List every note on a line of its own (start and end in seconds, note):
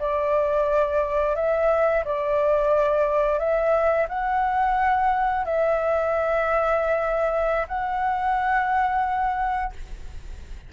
0.00 1.36 D5
1.36 2.04 E5
2.05 3.39 D5
3.39 4.08 E5
4.09 5.45 F#5
5.45 7.67 E5
7.68 9.73 F#5